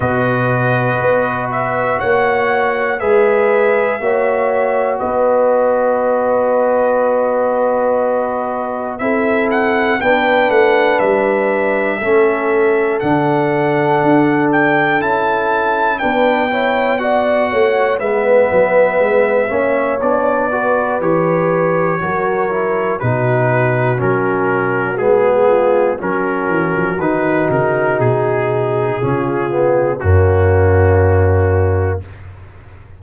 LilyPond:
<<
  \new Staff \with { instrumentName = "trumpet" } { \time 4/4 \tempo 4 = 60 dis''4. e''8 fis''4 e''4~ | e''4 dis''2.~ | dis''4 e''8 fis''8 g''8 fis''8 e''4~ | e''4 fis''4. g''8 a''4 |
g''4 fis''4 e''2 | d''4 cis''2 b'4 | ais'4 gis'4 ais'4 b'8 ais'8 | gis'2 fis'2 | }
  \new Staff \with { instrumentName = "horn" } { \time 4/4 b'2 cis''4 b'4 | cis''4 b'2.~ | b'4 a'4 b'2 | a'1 |
b'8 cis''8 d''8 cis''8 b'4. cis''8~ | cis''8 b'4. ais'4 fis'4~ | fis'4. f'8 fis'2~ | fis'4 f'4 cis'2 | }
  \new Staff \with { instrumentName = "trombone" } { \time 4/4 fis'2. gis'4 | fis'1~ | fis'4 e'4 d'2 | cis'4 d'2 e'4 |
d'8 e'8 fis'4 b4. cis'8 | d'8 fis'8 g'4 fis'8 e'8 dis'4 | cis'4 b4 cis'4 dis'4~ | dis'4 cis'8 b8 ais2 | }
  \new Staff \with { instrumentName = "tuba" } { \time 4/4 b,4 b4 ais4 gis4 | ais4 b2.~ | b4 c'4 b8 a8 g4 | a4 d4 d'4 cis'4 |
b4. a8 gis8 fis8 gis8 ais8 | b4 e4 fis4 b,4 | fis4 gis4 fis8 e16 f16 dis8 cis8 | b,4 cis4 fis,2 | }
>>